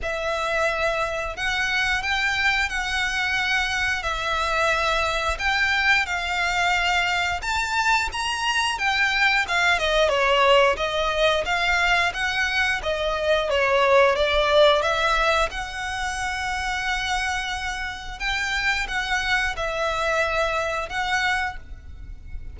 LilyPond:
\new Staff \with { instrumentName = "violin" } { \time 4/4 \tempo 4 = 89 e''2 fis''4 g''4 | fis''2 e''2 | g''4 f''2 a''4 | ais''4 g''4 f''8 dis''8 cis''4 |
dis''4 f''4 fis''4 dis''4 | cis''4 d''4 e''4 fis''4~ | fis''2. g''4 | fis''4 e''2 fis''4 | }